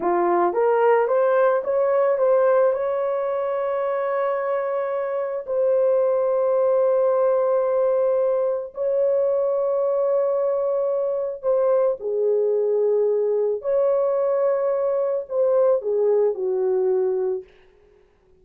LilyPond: \new Staff \with { instrumentName = "horn" } { \time 4/4 \tempo 4 = 110 f'4 ais'4 c''4 cis''4 | c''4 cis''2.~ | cis''2 c''2~ | c''1 |
cis''1~ | cis''4 c''4 gis'2~ | gis'4 cis''2. | c''4 gis'4 fis'2 | }